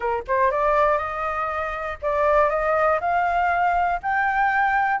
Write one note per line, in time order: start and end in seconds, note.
0.00 0.23 A#4
0.27 0.51 C5
0.51 0.98 D5
0.98 1.98 D#5
2.02 2.49 D5
2.49 2.99 D#5
3.00 4.00 F5
4.02 5.00 G5